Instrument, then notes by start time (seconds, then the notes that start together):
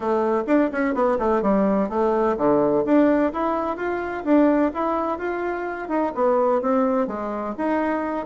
bassoon
0.00 A3
0.46 D4
0.72 C#4
0.94 B3
1.19 A3
1.42 G3
1.89 A3
2.37 D3
2.85 D4
3.32 E4
3.76 F4
4.24 D4
4.74 E4
5.18 F4
5.88 D#4
6.15 B3
6.61 C4
7.07 G#3
7.57 D#4